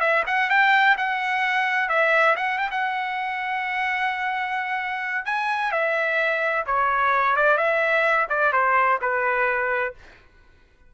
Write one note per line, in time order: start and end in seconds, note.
0.00 0.23 E5
0.27 0.50 F#5
0.50 0.96 G5
0.97 1.89 F#5
1.89 2.36 E5
2.36 2.58 F#5
2.58 2.70 G5
2.71 5.25 F#5
5.25 5.72 G#5
5.72 6.65 E5
6.66 7.36 C#5
7.36 7.57 D5
7.57 8.27 E5
8.29 8.52 D5
8.52 8.99 C5
9.01 9.94 B4